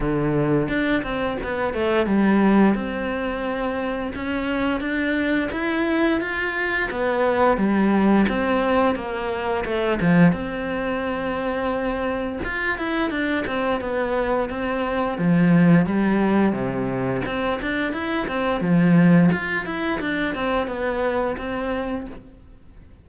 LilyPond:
\new Staff \with { instrumentName = "cello" } { \time 4/4 \tempo 4 = 87 d4 d'8 c'8 b8 a8 g4 | c'2 cis'4 d'4 | e'4 f'4 b4 g4 | c'4 ais4 a8 f8 c'4~ |
c'2 f'8 e'8 d'8 c'8 | b4 c'4 f4 g4 | c4 c'8 d'8 e'8 c'8 f4 | f'8 e'8 d'8 c'8 b4 c'4 | }